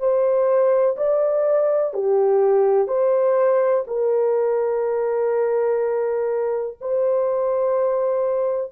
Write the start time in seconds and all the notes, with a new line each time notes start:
0.00 C5
0.97 D5
1.94 G4
2.88 C5
3.88 A#4
6.81 C5